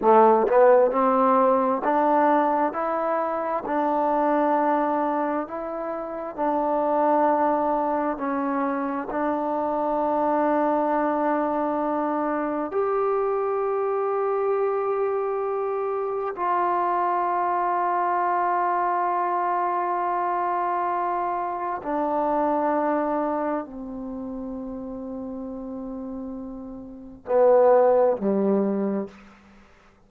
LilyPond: \new Staff \with { instrumentName = "trombone" } { \time 4/4 \tempo 4 = 66 a8 b8 c'4 d'4 e'4 | d'2 e'4 d'4~ | d'4 cis'4 d'2~ | d'2 g'2~ |
g'2 f'2~ | f'1 | d'2 c'2~ | c'2 b4 g4 | }